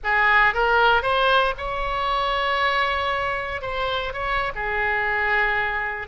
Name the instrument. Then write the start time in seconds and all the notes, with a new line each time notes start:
oboe
0.03 G#4
0.53 A#4
1.02 C5
1.57 C#5
3.61 C5
4.13 C#5
4.55 G#4